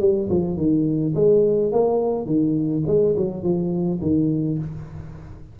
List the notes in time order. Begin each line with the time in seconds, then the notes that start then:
0.00 G3
0.30 F3
0.57 D#3
1.15 G#3
1.72 A#3
2.26 D#3
2.87 G#3
3.17 F#3
3.43 F3
4.01 D#3